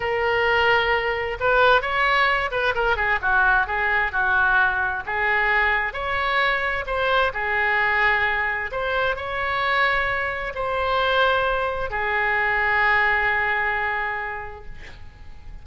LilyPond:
\new Staff \with { instrumentName = "oboe" } { \time 4/4 \tempo 4 = 131 ais'2. b'4 | cis''4. b'8 ais'8 gis'8 fis'4 | gis'4 fis'2 gis'4~ | gis'4 cis''2 c''4 |
gis'2. c''4 | cis''2. c''4~ | c''2 gis'2~ | gis'1 | }